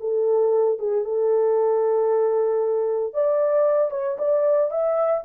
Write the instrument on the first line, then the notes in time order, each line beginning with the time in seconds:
horn
0.00 A4
0.79 G#4
1.04 A4
3.14 D5
3.91 C#5
4.18 D5
4.71 E5